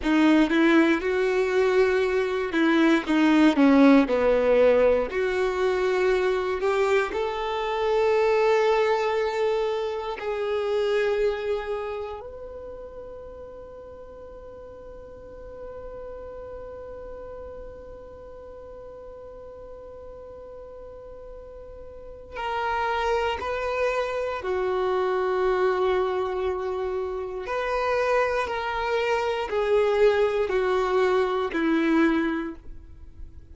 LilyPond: \new Staff \with { instrumentName = "violin" } { \time 4/4 \tempo 4 = 59 dis'8 e'8 fis'4. e'8 dis'8 cis'8 | b4 fis'4. g'8 a'4~ | a'2 gis'2 | b'1~ |
b'1~ | b'2 ais'4 b'4 | fis'2. b'4 | ais'4 gis'4 fis'4 e'4 | }